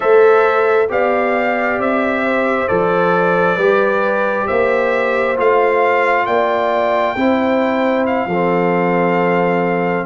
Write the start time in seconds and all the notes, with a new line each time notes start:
0.00 A3 A4 C5 E5
0.89 B3 G4 D5 F5
1.78 C4 E5
2.25 C5
2.68 F3 A4 D5
3.55 G3 G4 B4
4.46 A#3 C5 E5
5.37 A3 F4 F5
6.26 A#3 D5 G5
7.16 C4 E4 C5
8.06 F5
8.26 F3 C4 A4